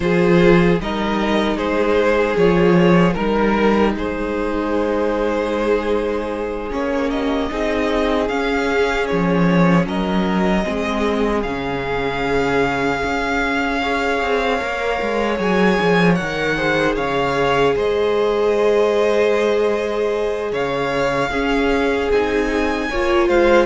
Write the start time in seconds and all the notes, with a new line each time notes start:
0.00 F3 F4 G#4 C5
0.79 G3 D#4 A#4 D#5
1.56 G#3 G#4 C5
2.36 F3 F4 C#5
3.13 G3 D#4 A#4
3.94 G#3 G#4 C5
6.71 A#3 C#4 C#5
7.10 G4 D#5
7.50 C4 D#4 G#4
8.28 C#4 F5
9.06 F3 C#5
9.85 F#3 A#4 D#5
10.63 G#3 C4 G#4
11.42 C#3 C#4 F5
13.04 C#4
13.82 G#4 C#5
14.21 C4
14.60 A#3 A#4
15.01 G#3
15.36 F#3 G#4 G#5
15.80 F3
16.14 A#4 F#5
16.20 D#3
16.56 G#4 C5
16.95 C#3 C#5 F5
17.75 G#3 C5 D#5
20.52 C#3 C#5 F5
21.29 C#4 G#4
22.10 C4 D#4 G#5
22.89 A#3 F4 C#5
23.28 G#3 C5 F5